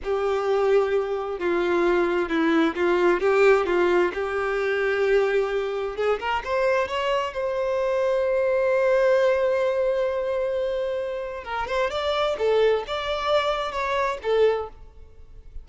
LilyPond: \new Staff \with { instrumentName = "violin" } { \time 4/4 \tempo 4 = 131 g'2. f'4~ | f'4 e'4 f'4 g'4 | f'4 g'2.~ | g'4 gis'8 ais'8 c''4 cis''4 |
c''1~ | c''1~ | c''4 ais'8 c''8 d''4 a'4 | d''2 cis''4 a'4 | }